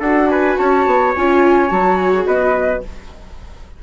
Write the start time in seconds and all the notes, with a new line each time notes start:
0.00 D4 F#4 A4 F#5
0.29 B4 G#5
0.58 C#4 C#5 A5
0.86 B3
1.16 C#4 F4 G#5
1.69 F#3 F#4 A5
1.98 G#5
2.14 G#4
2.27 B3 B4 D#5